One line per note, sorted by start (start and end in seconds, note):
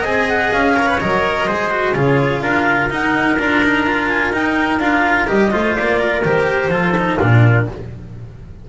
0.00 0.50 C4
0.00 0.76 G#4
0.00 0.71 D#5
0.00 0.28 G#5
0.28 0.52 F#5
0.52 1.00 C#4
0.52 0.99 F5
0.76 0.86 A#4
0.76 1.47 C#5
0.86 0.98 B4
0.99 1.47 F#3
0.99 1.47 A#4
0.99 1.95 D#5
1.47 1.94 G#3
1.47 1.71 G#4
1.47 1.94 C5
1.71 1.94 F#4
1.94 2.41 C#3
1.94 2.90 F4
1.94 2.42 G#4
1.94 2.40 C#5
2.40 2.89 D4
2.40 5.51 A#4
2.40 2.88 F5
2.90 3.37 D#4
2.90 3.38 F#5
3.38 4.31 D4
3.38 3.62 F4
3.38 4.08 A#5
3.63 3.86 D#4
3.86 4.33 F4
4.08 4.32 G#5
4.31 4.78 D#4
4.31 4.79 D#4
4.31 4.79 G5
4.79 5.26 D4
4.79 5.27 F4
4.79 5.27 F5
5.27 5.53 G3
5.27 5.50 G4
5.27 5.75 D#5
5.50 5.77 A3
5.50 6.22 F4
5.50 5.99 C5
5.75 6.24 A#3
5.75 6.22 D5
5.99 6.70 A#4
6.24 6.68 D#3
6.24 6.71 G4
6.24 7.20 C5
6.68 7.16 F3
6.68 6.94 F4
6.68 7.18 A4
6.97 7.19 D#4
7.18 7.68 A#2
7.18 7.67 D4
7.18 7.66 F4
7.18 7.68 A#4